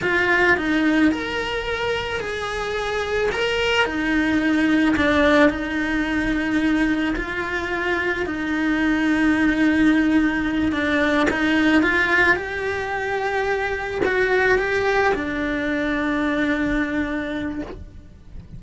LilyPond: \new Staff \with { instrumentName = "cello" } { \time 4/4 \tempo 4 = 109 f'4 dis'4 ais'2 | gis'2 ais'4 dis'4~ | dis'4 d'4 dis'2~ | dis'4 f'2 dis'4~ |
dis'2.~ dis'8 d'8~ | d'8 dis'4 f'4 g'4.~ | g'4. fis'4 g'4 d'8~ | d'1 | }